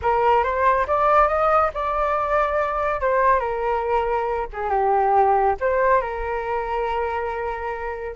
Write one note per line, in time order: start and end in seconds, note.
0.02 0.43 A#4
0.43 0.86 C5
0.87 1.27 D5
1.27 1.70 D#5
1.74 3.00 D5
3.00 3.39 C5
3.39 4.46 A#4
4.52 4.70 G#4
4.70 5.55 G4
5.60 6.01 C5
6.01 8.15 A#4